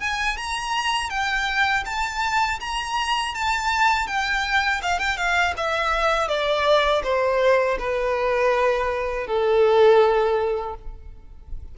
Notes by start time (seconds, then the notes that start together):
0.00 G#5
0.37 A#5
1.10 G5
1.85 A5
2.60 A#5
3.35 A5
4.07 G5
4.82 F5
4.99 G5
5.17 F5
5.57 E5
6.28 D5
7.03 C5
7.79 B4
9.27 A4